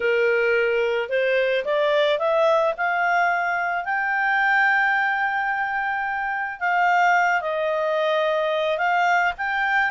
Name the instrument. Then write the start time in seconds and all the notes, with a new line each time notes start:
clarinet
0.00 A#4
1.09 C5
1.64 D5
2.19 E5
2.77 F5
3.85 G5
6.59 F5
7.41 D#5
8.77 F5
9.37 G5